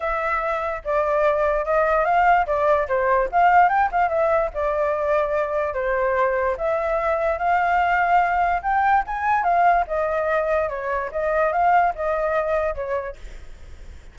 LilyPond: \new Staff \with { instrumentName = "flute" } { \time 4/4 \tempo 4 = 146 e''2 d''2 | dis''4 f''4 d''4 c''4 | f''4 g''8 f''8 e''4 d''4~ | d''2 c''2 |
e''2 f''2~ | f''4 g''4 gis''4 f''4 | dis''2 cis''4 dis''4 | f''4 dis''2 cis''4 | }